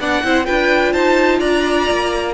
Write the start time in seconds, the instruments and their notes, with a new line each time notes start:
0.00 cello B3, viola D4, violin D5 F#5
0.24 cello C4, viola E4, violin C5
0.45 cello D4, viola F4, violin B4 G5
0.93 cello D#4, violin C5 A5
1.39 cello D4, violin D5 A#5
1.91 cello A#3